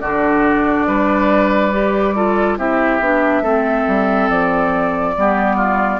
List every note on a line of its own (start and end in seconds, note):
0.00 0.86 D3
0.00 1.72 D4
0.00 0.87 F#4
0.00 2.57 D5
0.87 2.57 G3
0.87 2.15 B4
1.72 2.15 G4
2.15 2.58 F4
2.15 2.58 A4
2.57 3.00 C4
2.57 3.01 E4
2.57 3.43 G4
2.57 4.29 E5
3.00 3.41 B3
3.00 3.43 D4
3.41 3.84 A3
3.41 5.15 C4
3.41 5.14 A4
3.88 4.29 G3
4.29 5.15 F3
4.29 5.99 D5
5.16 5.99 G3
5.16 5.99 B3
5.16 5.56 G4
5.56 5.99 F4